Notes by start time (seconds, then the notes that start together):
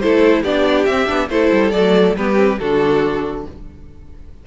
0.00 A3 E4 A4 C5
0.42 B3 D4 G4 D5
0.86 C4 E5
1.07 B3 D4
1.29 A3 E4 A4 C5
1.52 G3
1.71 F#3 A3 D5
2.17 G3 B3 G4 B4
2.36 C4
2.59 D3 D4 F#4 A4